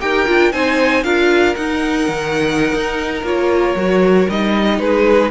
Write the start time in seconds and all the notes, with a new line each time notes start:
0.00 D#4 G4 A#4 G5
0.27 D4 F4
0.52 C4 D#4 C5 G#5
1.03 D4 F4 A#4 F5
1.54 D#4 F#5
2.08 D#3
2.73 D#4
3.23 A#3 F4 C#5
3.75 F#3 F#4
4.29 G3 D#4 D#5
4.79 G#3 G#4 B4